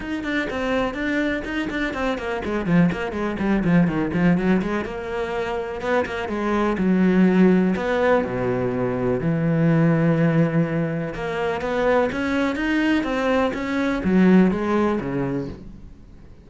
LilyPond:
\new Staff \with { instrumentName = "cello" } { \time 4/4 \tempo 4 = 124 dis'8 d'8 c'4 d'4 dis'8 d'8 | c'8 ais8 gis8 f8 ais8 gis8 g8 f8 | dis8 f8 fis8 gis8 ais2 | b8 ais8 gis4 fis2 |
b4 b,2 e4~ | e2. ais4 | b4 cis'4 dis'4 c'4 | cis'4 fis4 gis4 cis4 | }